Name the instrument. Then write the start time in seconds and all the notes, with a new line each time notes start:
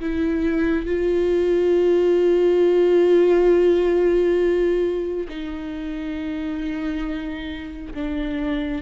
viola
0.00 E4
0.86 F4
5.28 D#4
7.94 D4